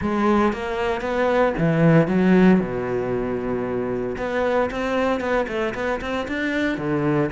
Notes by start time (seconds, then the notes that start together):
0.01 G#3
0.52 A#3
1.01 B3
1.58 E3
2.07 F#3
2.59 B2
4.17 B3
4.71 C4
5.20 B3
5.48 A3
5.74 B3
6.01 C4
6.28 D4
6.77 D3